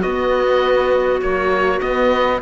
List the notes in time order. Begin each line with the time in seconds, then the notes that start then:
0.00 B3 F#4 D#5
1.21 F#3 A#3 C#5
1.80 B3 D#5